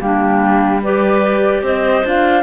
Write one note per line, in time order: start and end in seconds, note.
0.00 1.63 G3
0.00 0.81 A#3
0.00 0.83 D4
0.00 0.82 G4
0.83 2.05 G4
0.83 1.63 B4
0.83 1.65 D5
1.63 2.04 C4
1.63 2.43 C5
1.63 2.07 D#5
2.05 2.43 D4
2.05 2.43 F4
2.05 2.43 F5